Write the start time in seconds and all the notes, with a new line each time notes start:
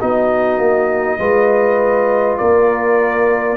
0.00 B3 D#4 F#4 D#5
0.58 A#3
1.19 G#3 F4 B4
2.38 A#3 A#4 D5